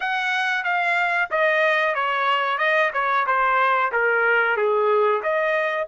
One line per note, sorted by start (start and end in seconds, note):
0.00 0.64 F#5
0.64 1.29 F5
1.30 1.94 D#5
1.94 2.58 C#5
2.58 2.90 D#5
2.93 3.25 C#5
3.26 3.91 C5
3.92 4.57 A#4
4.57 5.22 G#4
5.22 5.87 D#5